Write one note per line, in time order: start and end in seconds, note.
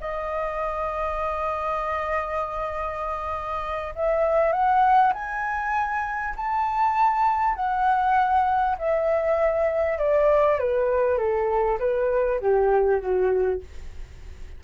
0.00 3.94 D#5
3.95 4.52 E5
4.52 5.13 F#5
5.13 6.34 G#5
6.36 7.55 A5
7.55 8.76 F#5
8.78 9.98 E5
9.98 10.59 D5
10.59 11.17 B4
11.17 11.78 A4
11.79 12.40 B4
12.40 13.00 G4
13.00 13.61 F#4